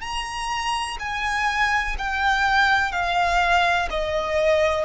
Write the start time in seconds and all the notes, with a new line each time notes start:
0.00 A#5
0.99 G#5
1.98 G5
2.91 F5
3.90 D#5